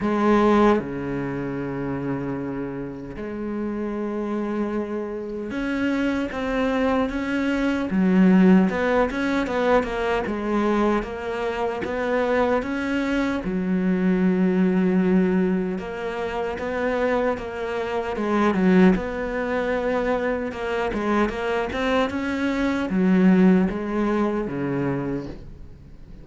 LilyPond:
\new Staff \with { instrumentName = "cello" } { \time 4/4 \tempo 4 = 76 gis4 cis2. | gis2. cis'4 | c'4 cis'4 fis4 b8 cis'8 | b8 ais8 gis4 ais4 b4 |
cis'4 fis2. | ais4 b4 ais4 gis8 fis8 | b2 ais8 gis8 ais8 c'8 | cis'4 fis4 gis4 cis4 | }